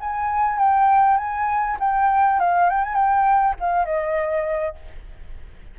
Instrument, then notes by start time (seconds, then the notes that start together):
flute
0.00 G#5
0.58 G5
1.17 G#5
1.80 G5
2.40 F5
2.70 G5
2.84 G#5
2.95 G5
3.60 F5
3.85 D#5